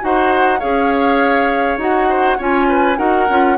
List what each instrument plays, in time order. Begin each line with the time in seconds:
0.00 bassoon D#4, clarinet F#4, oboe C5, flute F#5
0.59 bassoon C#4, clarinet G#4, oboe C#5, flute F5
1.77 bassoon D#4, clarinet F#4, flute F#5
2.09 oboe C5
2.37 bassoon C#4, clarinet F4, oboe C#5, flute G#5
2.68 oboe B4
2.96 bassoon D#4, clarinet F#4, oboe A#4, flute F#5
3.29 bassoon C#4, clarinet F4